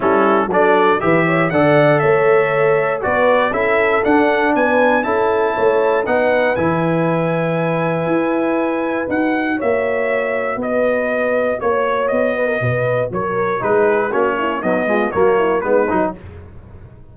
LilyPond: <<
  \new Staff \with { instrumentName = "trumpet" } { \time 4/4 \tempo 4 = 119 a'4 d''4 e''4 fis''4 | e''2 d''4 e''4 | fis''4 gis''4 a''2 | fis''4 gis''2.~ |
gis''2 fis''4 e''4~ | e''4 dis''2 cis''4 | dis''2 cis''4 b'4 | cis''4 dis''4 cis''4 b'4 | }
  \new Staff \with { instrumentName = "horn" } { \time 4/4 e'4 a'4 b'8 cis''8 d''4 | cis''2 b'4 a'4~ | a'4 b'4 a'4 cis''4 | b'1~ |
b'2. cis''4~ | cis''4 b'2 cis''4~ | cis''8 b'16 ais'16 b'4 ais'4 gis'4 | fis'8 e'8 dis'8 f'8 fis'8 e'8 dis'4 | }
  \new Staff \with { instrumentName = "trombone" } { \time 4/4 cis'4 d'4 g'4 a'4~ | a'2 fis'4 e'4 | d'2 e'2 | dis'4 e'2.~ |
e'2 fis'2~ | fis'1~ | fis'2. dis'4 | cis'4 fis8 gis8 ais4 b8 dis'8 | }
  \new Staff \with { instrumentName = "tuba" } { \time 4/4 g4 fis4 e4 d4 | a2 b4 cis'4 | d'4 b4 cis'4 a4 | b4 e2. |
e'2 dis'4 ais4~ | ais4 b2 ais4 | b4 b,4 fis4 gis4 | ais4 b4 fis4 gis8 fis8 | }
>>